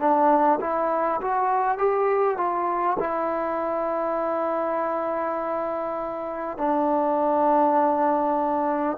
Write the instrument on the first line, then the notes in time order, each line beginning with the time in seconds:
trombone
0.00 D4
0.61 E4
1.22 F#4
1.79 G4
2.38 F4
3.00 E4
6.58 D4